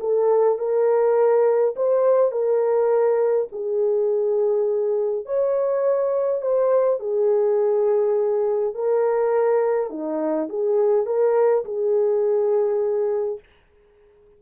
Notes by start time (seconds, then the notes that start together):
0.00 A4
0.58 A#4
1.76 C5
2.31 A#4
3.52 G#4
5.26 C#5
6.42 C5
7.00 G#4
8.74 A#4
9.90 D#4
10.49 G#4
11.06 A#4
11.65 G#4